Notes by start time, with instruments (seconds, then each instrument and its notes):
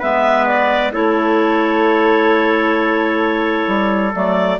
0.00 bassoon G#3, clarinet B3 E5, trumpet B4
0.47 clarinet D5
0.92 bassoon A3, clarinet E4 C#5, trumpet A4
3.68 bassoon G3
4.13 bassoon F#3, clarinet A3 D5